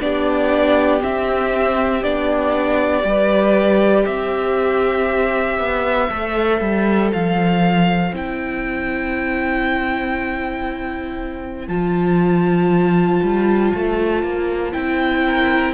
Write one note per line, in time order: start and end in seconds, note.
0.00 1.03 B3
0.00 1.00 D4
0.00 3.08 G4
0.00 1.03 D5
1.00 2.02 C4
1.00 2.04 C4
1.00 2.03 E5
2.03 3.04 B3
2.03 3.03 D4
2.03 4.06 D5
3.03 4.06 G3
3.03 6.08 G4
3.03 4.08 B4
4.06 5.59 C4
4.06 15.27 C5
4.06 7.11 E5
5.59 6.10 B3
6.10 6.61 A3
6.10 8.13 A4
6.61 7.12 G3
7.13 8.13 F3
7.13 8.14 F5
8.13 11.68 C4
8.13 11.69 E4
8.13 11.68 G5
11.68 13.21 F3
11.68 14.73 F4
11.68 14.73 A5
13.23 13.74 G3
13.74 14.23 A3
14.23 14.74 A#3
14.73 15.74 C4
14.73 15.74 E4
14.73 15.74 G5
15.27 15.74 A#4